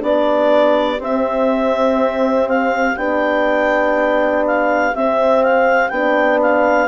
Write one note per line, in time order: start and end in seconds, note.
0.00 0.99 B3
0.00 0.98 D4
0.00 6.89 G4
0.00 1.01 D5
0.99 2.96 C4
0.99 2.97 C4
0.99 2.49 E5
2.49 2.97 F5
2.97 4.94 B3
2.97 4.94 D4
2.97 4.45 G5
4.47 4.95 F5
4.95 5.91 C4
4.95 5.93 C4
4.95 5.44 E5
5.44 5.90 F5
5.90 6.89 B3
5.90 6.89 D4
5.90 6.39 G5
6.43 6.89 F5